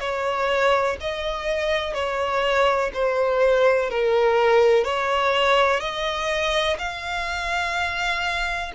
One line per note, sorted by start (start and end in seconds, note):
0.00 0.97 C#5
1.00 1.94 D#5
1.94 2.91 C#5
2.93 3.90 C5
3.90 4.84 A#4
4.84 5.80 C#5
5.80 6.77 D#5
6.78 8.72 F5